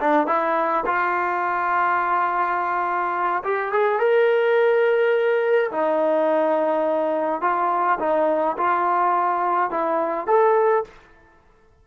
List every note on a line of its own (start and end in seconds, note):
0.00 0.27 D4
0.27 0.84 E4
0.86 3.43 F4
3.43 3.72 G4
3.72 3.99 G#4
3.99 5.71 A#4
5.71 7.41 D#4
7.41 7.98 F4
7.99 8.56 D#4
8.57 9.70 F4
9.70 10.27 E4
10.27 10.84 A4